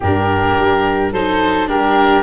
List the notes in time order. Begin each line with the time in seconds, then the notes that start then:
0.00 G2 D4 G4 A#4
0.57 G3
1.12 F#3 D#4 A4 C5
1.67 G3 D4 G4 A#4